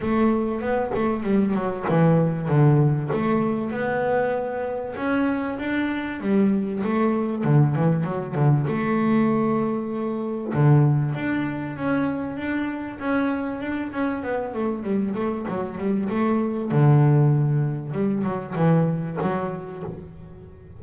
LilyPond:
\new Staff \with { instrumentName = "double bass" } { \time 4/4 \tempo 4 = 97 a4 b8 a8 g8 fis8 e4 | d4 a4 b2 | cis'4 d'4 g4 a4 | d8 e8 fis8 d8 a2~ |
a4 d4 d'4 cis'4 | d'4 cis'4 d'8 cis'8 b8 a8 | g8 a8 fis8 g8 a4 d4~ | d4 g8 fis8 e4 fis4 | }